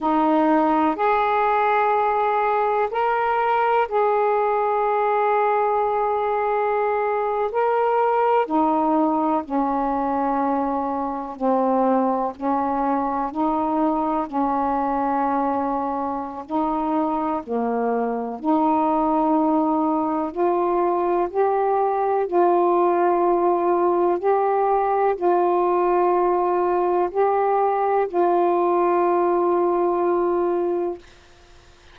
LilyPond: \new Staff \with { instrumentName = "saxophone" } { \time 4/4 \tempo 4 = 62 dis'4 gis'2 ais'4 | gis'2.~ gis'8. ais'16~ | ais'8. dis'4 cis'2 c'16~ | c'8. cis'4 dis'4 cis'4~ cis'16~ |
cis'4 dis'4 ais4 dis'4~ | dis'4 f'4 g'4 f'4~ | f'4 g'4 f'2 | g'4 f'2. | }